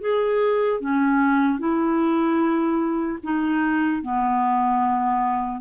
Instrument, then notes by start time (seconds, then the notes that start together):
clarinet
0.00 G#4
0.80 C#4
1.59 E4
3.23 D#4
4.02 B3